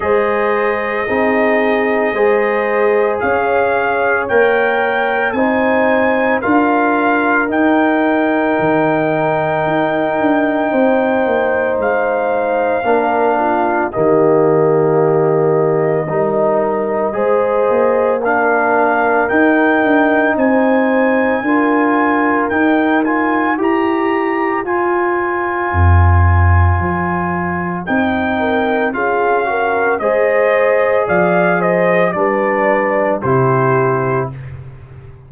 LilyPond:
<<
  \new Staff \with { instrumentName = "trumpet" } { \time 4/4 \tempo 4 = 56 dis''2. f''4 | g''4 gis''4 f''4 g''4~ | g''2. f''4~ | f''4 dis''2.~ |
dis''4 f''4 g''4 gis''4~ | gis''4 g''8 gis''8 ais''4 gis''4~ | gis''2 g''4 f''4 | dis''4 f''8 dis''8 d''4 c''4 | }
  \new Staff \with { instrumentName = "horn" } { \time 4/4 c''4 gis'4 c''4 cis''4~ | cis''4 c''4 ais'2~ | ais'2 c''2 | ais'8 f'8 g'2 ais'4 |
c''4 ais'2 c''4 | ais'2 c''2~ | c''2~ c''8 ais'8 gis'8 ais'8 | c''4 d''8 c''8 b'4 g'4 | }
  \new Staff \with { instrumentName = "trombone" } { \time 4/4 gis'4 dis'4 gis'2 | ais'4 dis'4 f'4 dis'4~ | dis'1 | d'4 ais2 dis'4 |
gis'4 d'4 dis'2 | f'4 dis'8 f'8 g'4 f'4~ | f'2 dis'4 f'8 fis'8 | gis'2 d'4 e'4 | }
  \new Staff \with { instrumentName = "tuba" } { \time 4/4 gis4 c'4 gis4 cis'4 | ais4 c'4 d'4 dis'4 | dis4 dis'8 d'8 c'8 ais8 gis4 | ais4 dis2 g4 |
gis8 ais4. dis'8 d'8 c'4 | d'4 dis'4 e'4 f'4 | f,4 f4 c'4 cis'4 | gis4 f4 g4 c4 | }
>>